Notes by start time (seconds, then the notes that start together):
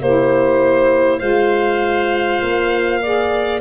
0.00 A#3 E4 G4 C5
1.18 G#3 F4 C5 F5
2.41 A#3
3.02 G#4 D5